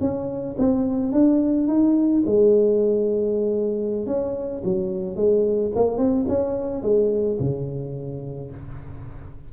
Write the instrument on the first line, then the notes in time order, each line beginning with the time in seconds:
tuba
0.00 C#4
0.58 C4
1.12 D4
1.67 D#4
2.26 G#3
4.06 C#4
4.64 F#3
5.16 G#3
5.75 A#3
5.97 C4
6.28 C#4
6.82 G#3
7.39 C#3